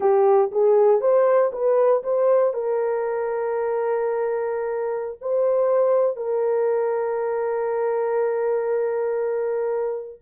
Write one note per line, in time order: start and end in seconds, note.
0.00 0.50 G4
0.51 1.00 G#4
1.00 1.51 C5
1.52 2.02 B4
2.03 2.53 C5
2.53 5.18 A#4
5.21 6.16 C5
6.16 10.19 A#4